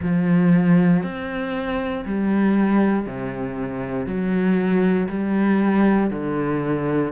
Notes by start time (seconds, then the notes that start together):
0.01 F3
1.03 C4
2.05 G3
3.06 C3
4.06 F#3
5.08 G3
6.10 D3